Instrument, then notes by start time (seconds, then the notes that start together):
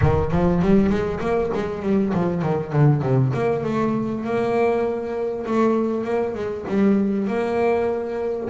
double bass
0.01 D#3
0.31 F3
0.62 G3
0.89 G#3
1.20 A#3
1.54 G#3
1.82 G3
2.13 F3
2.42 D#3
2.72 D3
3.01 C3
3.33 A#3
3.63 A3
4.24 A#3
5.45 A3
6.04 A#3
6.34 G#3
6.67 G3
7.27 A#3